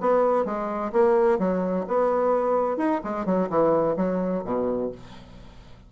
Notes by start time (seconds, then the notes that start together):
0.00 B3
0.45 G#3
0.92 A#3
1.38 F#3
1.87 B3
2.77 D#4
3.04 G#3
3.25 F#3
3.49 E3
3.96 F#3
4.44 B2